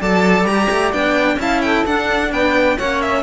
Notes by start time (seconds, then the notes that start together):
0.00 F#3 A4 D5 A5
0.44 G3 G4 A#5
0.71 A3
0.93 B3 D4 G5
1.36 C#4 E4 F5 A5
1.62 A4 G5
1.86 D4 F#5
2.30 B3 B4 G5
2.76 A#3 C#4 C#5 F#5
3.02 E5